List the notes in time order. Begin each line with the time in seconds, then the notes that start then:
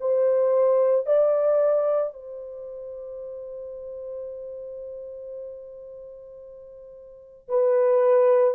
0.00 C5
1.06 D5
2.13 C5
7.48 B4